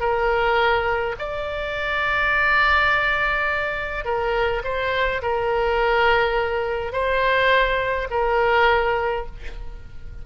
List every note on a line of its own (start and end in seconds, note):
0.00 1.15 A#4
1.19 4.05 D5
4.05 4.63 A#4
4.64 5.22 C5
5.22 6.93 A#4
6.93 8.08 C5
8.11 9.26 A#4